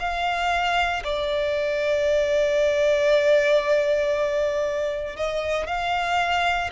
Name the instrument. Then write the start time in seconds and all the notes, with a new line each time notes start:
violin
0.00 F5
1.04 D5
5.17 D#5
5.67 F5